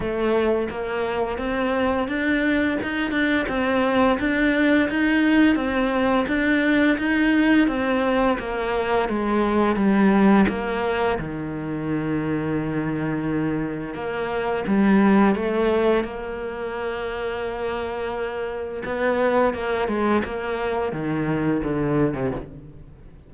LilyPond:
\new Staff \with { instrumentName = "cello" } { \time 4/4 \tempo 4 = 86 a4 ais4 c'4 d'4 | dis'8 d'8 c'4 d'4 dis'4 | c'4 d'4 dis'4 c'4 | ais4 gis4 g4 ais4 |
dis1 | ais4 g4 a4 ais4~ | ais2. b4 | ais8 gis8 ais4 dis4 d8. c16 | }